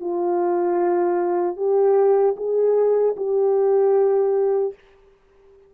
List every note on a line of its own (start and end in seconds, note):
0.00 1.56 F4
1.56 2.35 G4
2.36 3.15 G#4
3.17 4.74 G4